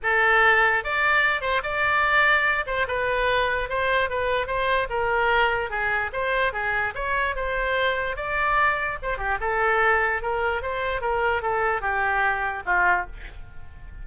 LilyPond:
\new Staff \with { instrumentName = "oboe" } { \time 4/4 \tempo 4 = 147 a'2 d''4. c''8 | d''2~ d''8 c''8 b'4~ | b'4 c''4 b'4 c''4 | ais'2 gis'4 c''4 |
gis'4 cis''4 c''2 | d''2 c''8 g'8 a'4~ | a'4 ais'4 c''4 ais'4 | a'4 g'2 f'4 | }